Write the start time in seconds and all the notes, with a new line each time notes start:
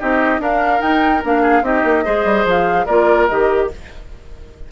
0.00 C4 D#4 G4 D#5
0.39 D4 A#4 F5
0.79 D#4 G5
1.25 A#3 D4 F5
1.42 G#4
1.62 C4 D#4 G4 D#5
1.84 A#3
2.05 G#3 G#4 C5
2.25 G3
2.45 F3 F5
2.86 A#3 F4 A#4 D5
3.29 D#3 G4 D#5